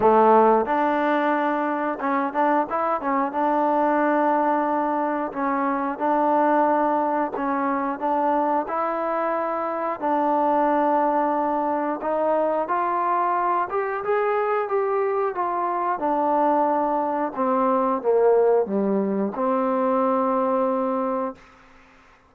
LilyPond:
\new Staff \with { instrumentName = "trombone" } { \time 4/4 \tempo 4 = 90 a4 d'2 cis'8 d'8 | e'8 cis'8 d'2. | cis'4 d'2 cis'4 | d'4 e'2 d'4~ |
d'2 dis'4 f'4~ | f'8 g'8 gis'4 g'4 f'4 | d'2 c'4 ais4 | g4 c'2. | }